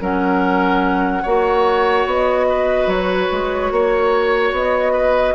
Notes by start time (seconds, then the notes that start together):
0.00 F#3 C#4 A#4 F#5
1.23 A#3 F#4 C#5
2.06 B3 D#5
2.50 B4
2.87 F#3 C#5
3.32 G#3
3.71 A#3 C#5
4.52 B3 D#5
4.93 B4